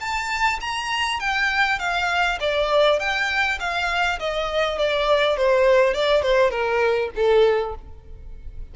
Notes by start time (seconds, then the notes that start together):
0.00 A5
0.60 A#5
1.20 G5
1.79 F5
2.40 D5
2.99 G5
3.59 F5
4.19 D#5
4.78 D5
5.37 C5
5.94 D5
6.22 C5
6.50 A#4
7.16 A4